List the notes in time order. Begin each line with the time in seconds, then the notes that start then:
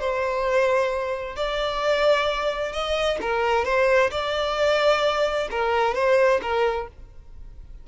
0.00 C5
1.36 D5
2.73 D#5
3.21 A#4
3.65 C5
4.11 D5
5.51 A#4
5.95 C5
6.42 A#4